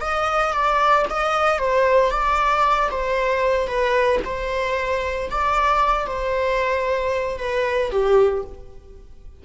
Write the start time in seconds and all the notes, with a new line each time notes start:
0.00 D#5
0.53 D5
1.09 D#5
1.58 C5
2.10 D5
2.91 C5
3.67 B4
4.24 C5
5.30 D5
6.06 C5
7.38 B4
7.91 G4